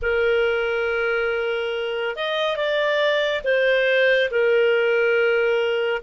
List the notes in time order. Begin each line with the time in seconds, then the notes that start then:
0.02 A#4
2.15 D#5
2.56 D5
3.44 C5
4.31 A#4